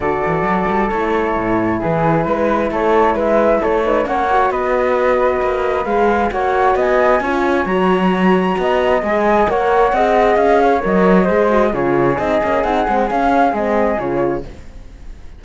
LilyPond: <<
  \new Staff \with { instrumentName = "flute" } { \time 4/4 \tempo 4 = 133 d''2 cis''2 | b'2 cis''4 e''4 | cis''4 fis''4 dis''2~ | dis''4 f''4 fis''4 gis''4~ |
gis''4 ais''2. | gis''4 fis''2 f''4 | dis''2 cis''4 dis''4 | fis''4 f''4 dis''4 cis''4 | }
  \new Staff \with { instrumentName = "flute" } { \time 4/4 a'1 | gis'4 b'4 a'4 b'4 | a'8 b'8 cis''4 b'2~ | b'2 cis''4 dis''4 |
cis''2. dis''4~ | dis''4 cis''4 dis''4. cis''8~ | cis''4 c''4 gis'2~ | gis'1 | }
  \new Staff \with { instrumentName = "horn" } { \time 4/4 fis'2 e'2~ | e'1~ | e'8 dis'8 cis'8 fis'2~ fis'8~ | fis'4 gis'4 fis'2 |
f'4 fis'2. | gis'4 ais'4 gis'2 | ais'4 gis'8 fis'8 f'4 dis'8 cis'8 | dis'8 c'8 cis'4 c'4 f'4 | }
  \new Staff \with { instrumentName = "cello" } { \time 4/4 d8 e8 fis8 g8 a4 a,4 | e4 gis4 a4 gis4 | a4 ais4 b2 | ais4 gis4 ais4 b4 |
cis'4 fis2 b4 | gis4 ais4 c'4 cis'4 | fis4 gis4 cis4 c'8 ais8 | c'8 gis8 cis'4 gis4 cis4 | }
>>